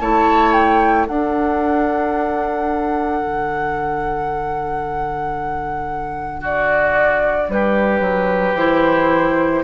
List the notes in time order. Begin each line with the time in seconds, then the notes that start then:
0.00 A3 E4 C#5 A5
0.53 G5
1.07 D4 A4 F#5
3.22 D3
6.40 F#4 D5
7.49 G3 G4 B4
8.01 F#3
8.55 E3 E4 C5